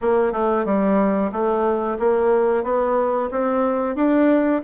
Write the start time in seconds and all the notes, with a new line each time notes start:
0.01 A#3
0.32 A3
0.65 G3
1.32 A3
1.99 A#3
2.63 B3
3.31 C4
3.95 D4